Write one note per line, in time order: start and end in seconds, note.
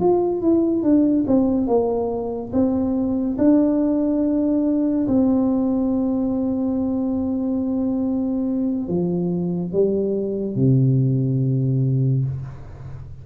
0.00 0.41 F4
0.41 0.83 E4
0.83 1.25 D4
1.27 1.67 C4
1.67 2.52 A#3
2.53 3.37 C4
3.38 5.07 D4
5.07 8.88 C4
8.88 9.73 F3
9.73 10.56 G3
10.56 12.25 C3